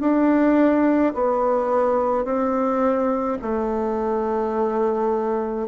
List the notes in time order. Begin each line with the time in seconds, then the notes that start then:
0.00 D4
1.14 B3
2.24 C4
3.42 A3